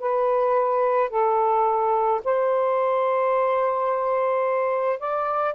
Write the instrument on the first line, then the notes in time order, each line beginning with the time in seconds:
saxophone
0.00 B4
1.10 A4
2.24 C5
4.99 D5